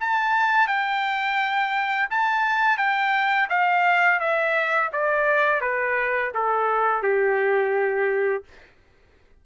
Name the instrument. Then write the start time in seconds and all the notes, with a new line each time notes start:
trumpet
0.00 A5
0.67 G5
2.10 A5
2.78 G5
3.49 F5
4.20 E5
4.93 D5
5.61 B4
6.34 A4
7.02 G4